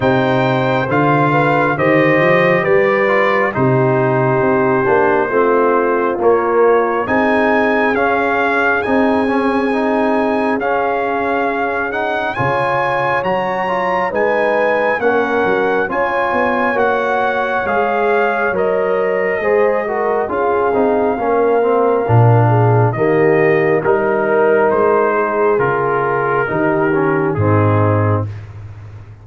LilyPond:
<<
  \new Staff \with { instrumentName = "trumpet" } { \time 4/4 \tempo 4 = 68 g''4 f''4 dis''4 d''4 | c''2. cis''4 | gis''4 f''4 gis''2 | f''4. fis''8 gis''4 ais''4 |
gis''4 fis''4 gis''4 fis''4 | f''4 dis''2 f''4~ | f''2 dis''4 ais'4 | c''4 ais'2 gis'4 | }
  \new Staff \with { instrumentName = "horn" } { \time 4/4 c''4. b'8 c''4 b'4 | g'2 f'2 | gis'1~ | gis'2 cis''2 |
b'4 ais'4 cis''2~ | cis''2 c''8 ais'8 gis'4 | ais'4. gis'8 g'4 ais'4~ | ais'8 gis'4. g'4 dis'4 | }
  \new Staff \with { instrumentName = "trombone" } { \time 4/4 dis'4 f'4 g'4. f'8 | dis'4. d'8 c'4 ais4 | dis'4 cis'4 dis'8 cis'8 dis'4 | cis'4. dis'8 f'4 fis'8 f'8 |
dis'4 cis'4 f'4 fis'4 | gis'4 ais'4 gis'8 fis'8 f'8 dis'8 | cis'8 c'8 d'4 ais4 dis'4~ | dis'4 f'4 dis'8 cis'8 c'4 | }
  \new Staff \with { instrumentName = "tuba" } { \time 4/4 c4 d4 dis8 f8 g4 | c4 c'8 ais8 a4 ais4 | c'4 cis'4 c'2 | cis'2 cis4 fis4 |
gis4 ais8 fis8 cis'8 b8 ais4 | gis4 fis4 gis4 cis'8 c'8 | ais4 ais,4 dis4 g4 | gis4 cis4 dis4 gis,4 | }
>>